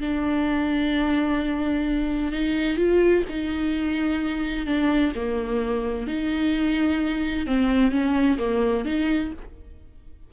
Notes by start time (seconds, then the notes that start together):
0.00 D4
2.32 D#4
2.77 F4
3.29 D#4
4.66 D4
5.15 A#3
6.07 D#4
7.47 C4
7.91 C#4
8.38 A#3
8.85 D#4